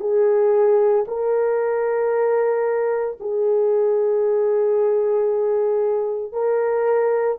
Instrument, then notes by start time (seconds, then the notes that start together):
horn
0.00 G#4
1.08 A#4
3.20 G#4
6.33 A#4